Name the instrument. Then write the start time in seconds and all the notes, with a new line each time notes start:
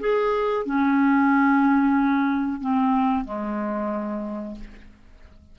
clarinet
0.00 G#4
0.65 C#4
2.60 C4
3.25 G#3